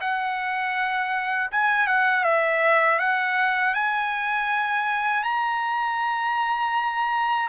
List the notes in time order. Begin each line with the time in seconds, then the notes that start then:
0.00 F#5
1.51 G#5
1.86 F#5
2.24 E5
2.99 F#5
3.74 G#5
5.23 A#5